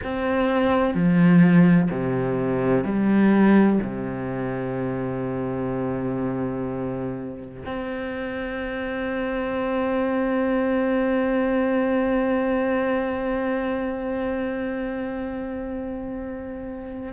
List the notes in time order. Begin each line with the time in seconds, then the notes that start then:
0.03 C4
0.94 F3
1.90 C3
2.84 G3
3.82 C3
7.65 C4